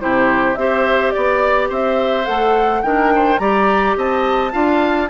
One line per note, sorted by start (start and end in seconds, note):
0.00 0.57 C3
0.00 0.57 E4
0.00 0.59 G4
0.00 0.56 C5
0.56 1.13 C4
0.56 2.25 G4
0.56 1.14 C5
0.56 1.11 E5
1.11 1.67 D5
1.11 1.70 D5
1.17 1.71 B3
1.70 2.27 C4
1.70 2.83 C5
1.70 2.26 E5
2.25 2.84 A3
2.25 2.82 A4
2.25 2.82 F#5
2.82 3.39 D#3
2.82 3.40 D4
2.82 3.13 A#4
2.82 3.39 G5
3.15 3.41 C5
3.39 3.96 G3
3.39 4.52 G4
3.39 3.98 D5
3.39 3.95 A#5
3.97 4.54 C4
3.97 4.53 D#5
3.97 5.10 A5
4.52 5.10 D4
4.52 5.09 F4
4.52 5.10 F5